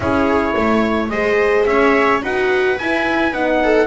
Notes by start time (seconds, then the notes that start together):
0.00 C#4 E4 G#4 C#5
0.55 A3 C#5
1.09 G#3 G#4 C5 D#5
1.66 C#4 C#5 E5
2.22 D#4 F#4 B4 F#5
2.78 E4 G#5
3.32 B3 D#4 F#5
3.63 A4